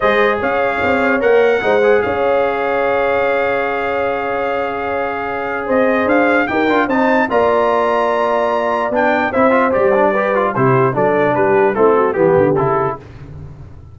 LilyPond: <<
  \new Staff \with { instrumentName = "trumpet" } { \time 4/4 \tempo 4 = 148 dis''4 f''2 fis''4~ | fis''4 f''2.~ | f''1~ | f''2 dis''4 f''4 |
g''4 a''4 ais''2~ | ais''2 g''4 e''4 | d''2 c''4 d''4 | b'4 a'4 g'4 a'4 | }
  \new Staff \with { instrumentName = "horn" } { \time 4/4 c''4 cis''2. | c''4 cis''2.~ | cis''1~ | cis''2 c''2 |
ais'4 c''4 d''2~ | d''2. c''4~ | c''4 b'4 g'4 a'4 | g'4 e'8 fis'8 g'2 | }
  \new Staff \with { instrumentName = "trombone" } { \time 4/4 gis'2. ais'4 | dis'8 gis'2.~ gis'8~ | gis'1~ | gis'1 |
g'8 f'8 dis'4 f'2~ | f'2 d'4 e'8 f'8 | g'8 d'8 g'8 f'8 e'4 d'4~ | d'4 c'4 b4 e'4 | }
  \new Staff \with { instrumentName = "tuba" } { \time 4/4 gis4 cis'4 c'4 ais4 | gis4 cis'2.~ | cis'1~ | cis'2 c'4 d'4 |
dis'8 d'8 c'4 ais2~ | ais2 b4 c'4 | g2 c4 fis4 | g4 a4 e8 d8 cis4 | }
>>